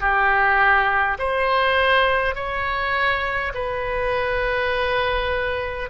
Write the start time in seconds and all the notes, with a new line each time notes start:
0.00 G4
1.18 C5
2.35 C#5
3.54 B4